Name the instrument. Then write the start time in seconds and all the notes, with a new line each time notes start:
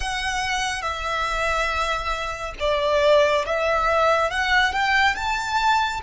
violin
0.00 F#5
0.82 E5
2.59 D5
3.46 E5
4.30 F#5
4.73 G5
5.15 A5